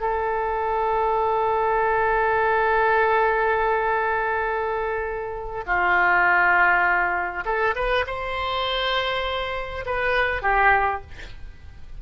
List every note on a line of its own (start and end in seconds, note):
0.00 5.64 A4
5.66 7.44 F4
7.45 7.74 A4
7.75 8.05 B4
8.07 9.85 C5
9.86 10.42 B4
10.42 11.01 G4